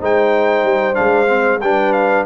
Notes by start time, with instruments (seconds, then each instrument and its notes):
0.00 tuba G#3, trombone D#4, horn C5, trumpet G5
0.63 tuba G3
0.94 tuba G#3, trombone D4, trumpet F5
1.27 trombone C4
1.61 tuba G3, trombone D4, horn B4, trumpet G5
1.92 trumpet F5